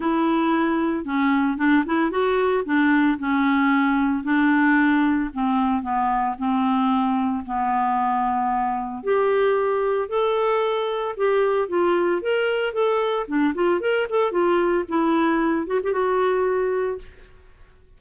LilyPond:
\new Staff \with { instrumentName = "clarinet" } { \time 4/4 \tempo 4 = 113 e'2 cis'4 d'8 e'8 | fis'4 d'4 cis'2 | d'2 c'4 b4 | c'2 b2~ |
b4 g'2 a'4~ | a'4 g'4 f'4 ais'4 | a'4 d'8 f'8 ais'8 a'8 f'4 | e'4. fis'16 g'16 fis'2 | }